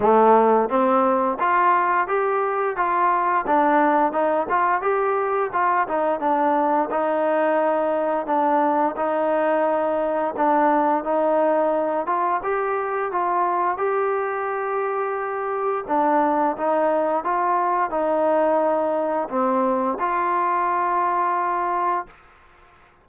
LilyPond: \new Staff \with { instrumentName = "trombone" } { \time 4/4 \tempo 4 = 87 a4 c'4 f'4 g'4 | f'4 d'4 dis'8 f'8 g'4 | f'8 dis'8 d'4 dis'2 | d'4 dis'2 d'4 |
dis'4. f'8 g'4 f'4 | g'2. d'4 | dis'4 f'4 dis'2 | c'4 f'2. | }